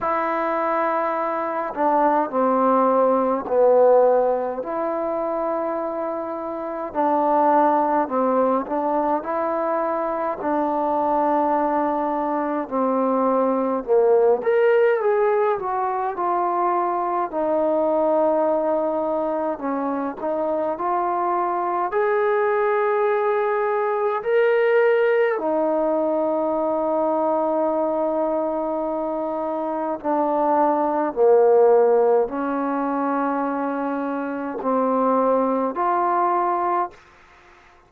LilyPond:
\new Staff \with { instrumentName = "trombone" } { \time 4/4 \tempo 4 = 52 e'4. d'8 c'4 b4 | e'2 d'4 c'8 d'8 | e'4 d'2 c'4 | ais8 ais'8 gis'8 fis'8 f'4 dis'4~ |
dis'4 cis'8 dis'8 f'4 gis'4~ | gis'4 ais'4 dis'2~ | dis'2 d'4 ais4 | cis'2 c'4 f'4 | }